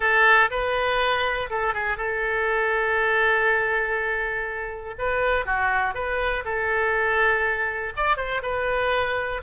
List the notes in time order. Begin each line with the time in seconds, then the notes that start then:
0.00 A4
0.50 B4
1.49 A4
1.74 G#4
1.97 A4
4.98 B4
5.45 F#4
5.94 B4
6.44 A4
7.96 D5
8.16 C5
8.42 B4